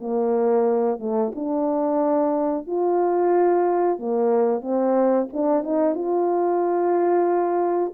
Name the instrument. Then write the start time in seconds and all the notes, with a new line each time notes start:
horn
0.00 A#3
0.99 A3
1.35 D4
2.67 F4
3.99 A#3
4.61 C4
5.33 D4
5.63 D#4
5.95 F4